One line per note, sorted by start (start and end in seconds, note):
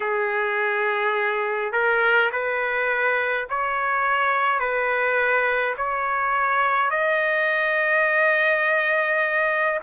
0.00 1.72 G#4
1.72 2.30 A#4
2.31 3.47 B4
3.49 4.59 C#5
4.59 5.74 B4
5.77 6.90 C#5
6.90 9.79 D#5